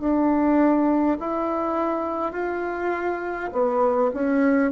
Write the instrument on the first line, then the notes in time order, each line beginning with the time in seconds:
bassoon
0.00 D4
1.20 E4
2.33 F4
3.52 B3
4.14 C#4